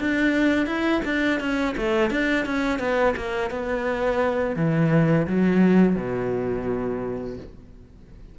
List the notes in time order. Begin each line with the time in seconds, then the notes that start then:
0.00 D4
0.67 E4
1.05 D4
1.40 C#4
1.78 A3
2.11 D4
2.46 C#4
2.79 B3
3.17 A#3
3.51 B3
4.57 E3
5.28 F#3
5.96 B2